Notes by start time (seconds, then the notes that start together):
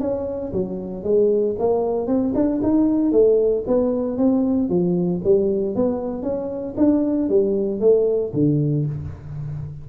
0.00 C#4
0.53 F#3
1.03 G#3
1.58 A#3
2.07 C4
2.35 D4
2.63 D#4
3.12 A3
3.67 B3
4.17 C4
4.69 F3
5.24 G3
5.75 B3
6.23 C#4
6.77 D4
7.29 G3
7.80 A3
8.33 D3